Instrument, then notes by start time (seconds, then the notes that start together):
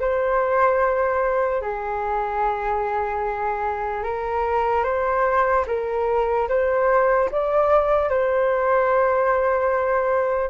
flute
0.00 C5
1.61 G#4
4.03 A#4
4.84 C5
5.67 A#4
6.49 C5
7.31 D5
8.09 C5